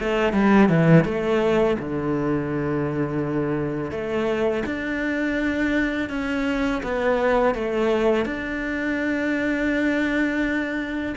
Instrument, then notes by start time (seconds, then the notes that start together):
cello
0.00 A3
0.33 G3
0.69 E3
1.05 A3
1.79 D3
3.91 A3
4.66 D4
6.10 C#4
6.83 B3
7.55 A3
8.26 D4